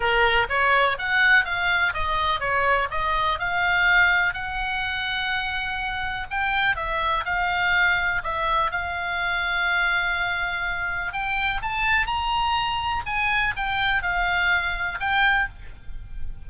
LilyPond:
\new Staff \with { instrumentName = "oboe" } { \time 4/4 \tempo 4 = 124 ais'4 cis''4 fis''4 f''4 | dis''4 cis''4 dis''4 f''4~ | f''4 fis''2.~ | fis''4 g''4 e''4 f''4~ |
f''4 e''4 f''2~ | f''2. g''4 | a''4 ais''2 gis''4 | g''4 f''2 g''4 | }